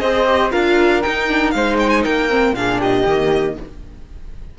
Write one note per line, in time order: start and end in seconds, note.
0.00 0.52 C4
0.00 0.27 G#4
0.00 0.52 C5
0.00 0.51 D#5
0.27 0.51 G4
0.51 1.04 D4
0.51 1.02 F4
0.51 1.54 A#4
0.51 1.03 F5
1.03 1.28 D#4
1.03 1.54 D#4
1.03 1.51 G5
1.28 1.53 D4
1.51 2.05 G#3
1.51 2.29 D#4
1.51 2.04 C5
1.51 1.76 F5
1.79 1.90 G5
1.90 2.02 G#5
2.04 2.53 A#3
2.04 2.54 A#4
2.04 2.55 G5
2.29 2.55 C4
2.53 3.03 A#2
2.53 3.07 D4
2.53 2.80 G#4
2.53 2.81 F5
2.80 3.56 G4
2.80 3.59 D#5
3.06 3.57 D#3
3.06 3.59 A#3